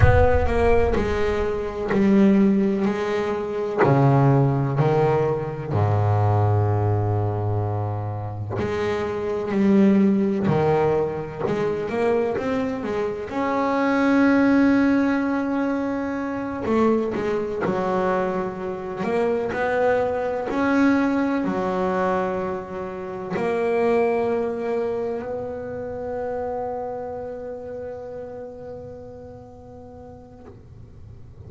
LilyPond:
\new Staff \with { instrumentName = "double bass" } { \time 4/4 \tempo 4 = 63 b8 ais8 gis4 g4 gis4 | cis4 dis4 gis,2~ | gis,4 gis4 g4 dis4 | gis8 ais8 c'8 gis8 cis'2~ |
cis'4. a8 gis8 fis4. | ais8 b4 cis'4 fis4.~ | fis8 ais2 b4.~ | b1 | }